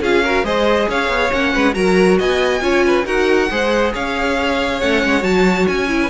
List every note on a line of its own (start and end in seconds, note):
0.00 0.43 C#4
0.00 0.24 F4
0.00 0.23 G#4
0.00 0.45 F5
0.23 0.44 F#4
0.23 0.44 A#4
0.43 0.86 G#3
0.43 1.31 G#4
0.43 0.88 C5
0.43 0.88 D#5
0.88 1.08 C#4
0.88 1.53 C#5
0.88 1.32 F5
1.08 1.30 B3
1.31 1.54 A#3
1.31 1.73 C#4
1.31 1.74 F#5
1.53 1.75 G#3
1.53 1.74 B4
1.73 2.19 F#3
1.73 2.60 F#4
1.73 2.18 A#4
1.73 2.17 A#5
2.18 2.61 B3
2.18 2.61 D#5
2.18 3.06 G#5
2.61 3.05 C#4
2.61 3.05 F4
2.61 2.85 C#5
2.85 3.05 B4
3.05 3.49 D#4
3.05 3.49 F#4
3.05 3.49 A#4
3.05 3.93 F#5
3.50 3.94 G#3
3.50 4.80 G#4
3.50 3.93 C5
3.93 4.82 C#4
3.93 5.99 C#5
3.93 4.80 F5
4.80 5.03 A3
4.80 5.21 C#4
4.80 5.23 F#5
5.04 5.23 G#3
5.21 5.66 F#3
5.21 5.86 F#4
5.21 5.66 A5
5.67 6.10 C#4
5.67 6.10 G#5
5.88 6.10 E4
6.02 6.10 B4